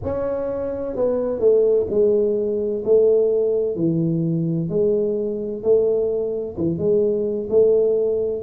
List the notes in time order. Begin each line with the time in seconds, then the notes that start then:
0.03 C#4
0.95 B3
1.39 A3
1.90 G#3
2.84 A3
3.75 E3
4.69 G#3
5.62 A3
6.57 E3
6.78 G#3
7.49 A3